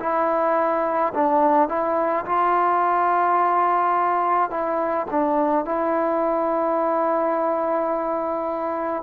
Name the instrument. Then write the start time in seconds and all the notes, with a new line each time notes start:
trombone
0.00 E4
1.14 D4
1.69 E4
2.26 F4
4.50 E4
5.10 D4
5.66 E4